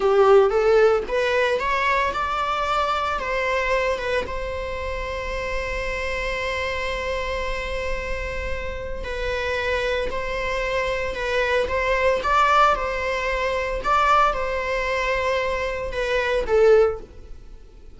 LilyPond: \new Staff \with { instrumentName = "viola" } { \time 4/4 \tempo 4 = 113 g'4 a'4 b'4 cis''4 | d''2 c''4. b'8 | c''1~ | c''1~ |
c''4 b'2 c''4~ | c''4 b'4 c''4 d''4 | c''2 d''4 c''4~ | c''2 b'4 a'4 | }